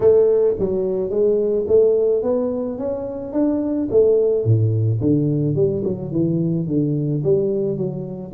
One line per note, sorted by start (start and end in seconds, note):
0.00 0.55 A3
0.59 1.10 F#3
1.10 1.65 G#3
1.67 2.22 A3
2.22 2.78 B3
2.78 3.33 C#4
3.33 3.88 D4
3.90 4.44 A3
4.44 5.00 A2
5.00 5.55 D3
5.55 5.83 G3
5.84 6.11 F#3
6.11 6.67 E3
6.67 7.22 D3
7.23 7.77 G3
7.77 8.32 F#3